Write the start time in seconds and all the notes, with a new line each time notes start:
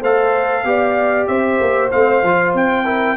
0.00 A3 A4 C5 F5
0.64 B3 G4 D5
1.27 C4 C5 E5
1.60 A#3
1.91 A3 C4 F5
2.23 F3 F4
2.54 C4 G5
2.85 E4 A#4